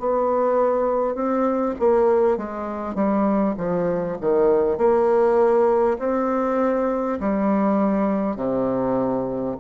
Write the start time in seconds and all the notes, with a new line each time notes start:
0.00 B3
1.16 C4
1.79 A#3
2.38 G#3
2.95 G3
3.58 F3
4.21 D#3
4.78 A#3
5.99 C4
7.21 G3
8.37 C3